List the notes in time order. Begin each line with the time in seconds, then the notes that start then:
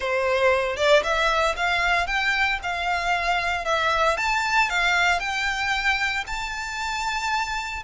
0.00 C5
0.76 D5
1.03 E5
1.56 F5
2.07 G5
2.62 F5
3.65 E5
4.17 A5
4.69 F5
5.19 G5
6.26 A5